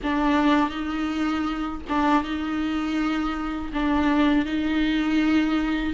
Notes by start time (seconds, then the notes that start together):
0.03 D4
0.69 D#4
1.89 D4
2.23 D#4
3.73 D4
4.45 D#4